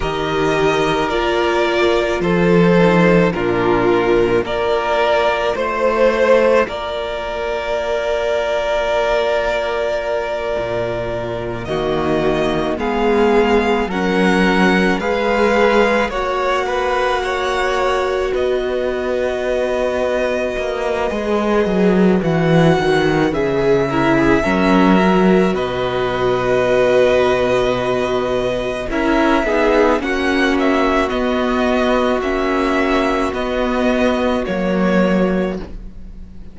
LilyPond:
<<
  \new Staff \with { instrumentName = "violin" } { \time 4/4 \tempo 4 = 54 dis''4 d''4 c''4 ais'4 | d''4 c''4 d''2~ | d''2~ d''8 dis''4 f''8~ | f''8 fis''4 f''4 fis''4.~ |
fis''8 dis''2.~ dis''8 | fis''4 e''2 dis''4~ | dis''2 e''4 fis''8 e''8 | dis''4 e''4 dis''4 cis''4 | }
  \new Staff \with { instrumentName = "violin" } { \time 4/4 ais'2 a'4 f'4 | ais'4 c''4 ais'2~ | ais'2~ ais'8 fis'4 gis'8~ | gis'8 ais'4 b'4 cis''8 b'8 cis''8~ |
cis''8 b'2.~ b'8~ | b'4. ais'16 gis'16 ais'4 b'4~ | b'2 ais'8 gis'8 fis'4~ | fis'1 | }
  \new Staff \with { instrumentName = "viola" } { \time 4/4 g'4 f'4. dis'8 d'4 | f'1~ | f'2~ f'8 ais4 b8~ | b8 cis'4 gis'4 fis'4.~ |
fis'2. gis'4 | fis'4 gis'8 e'8 cis'8 fis'4.~ | fis'2 e'8 dis'8 cis'4 | b4 cis'4 b4 ais4 | }
  \new Staff \with { instrumentName = "cello" } { \time 4/4 dis4 ais4 f4 ais,4 | ais4 a4 ais2~ | ais4. ais,4 dis4 gis8~ | gis8 fis4 gis4 ais4.~ |
ais8 b2 ais8 gis8 fis8 | e8 dis8 cis4 fis4 b,4~ | b,2 cis'8 b8 ais4 | b4 ais4 b4 fis4 | }
>>